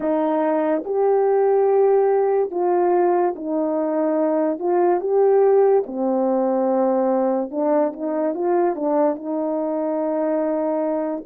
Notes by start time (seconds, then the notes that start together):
0.00 D#4
0.84 G4
2.50 F4
3.35 D#4
4.59 F4
5.00 G4
5.86 C4
7.50 D4
7.92 D#4
8.34 F4
8.75 D4
9.15 D#4